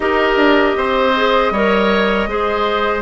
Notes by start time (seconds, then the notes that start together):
0.00 D#4 G4 A#4 D#5
0.36 D4
0.76 C4 C5
1.15 G#4
1.50 G3 A#4 C#5
2.26 G#3 G#4 C5